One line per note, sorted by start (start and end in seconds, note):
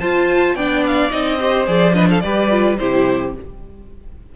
0.00 0.55 F4
0.00 0.58 F4
0.00 0.56 C5
0.00 0.56 A5
0.55 1.10 B3
0.55 1.10 D4
0.55 1.39 D5
0.55 0.83 G5
0.87 1.11 F5
1.10 1.68 C4
1.10 1.38 D#4
1.10 1.67 D#5
1.40 1.67 G4
1.40 1.95 C5
1.67 2.23 F3
1.67 1.94 G#4
1.67 1.94 D5
1.94 2.22 D4
1.94 2.09 B4
1.94 2.08 D#5
2.09 2.23 A4
2.09 2.21 F5
2.21 2.79 G3
2.21 2.51 G4
2.21 2.79 B4
2.21 2.76 D5
2.51 2.78 F4
2.78 3.36 C3
2.78 3.35 E4
2.78 3.35 G4
2.78 3.33 C5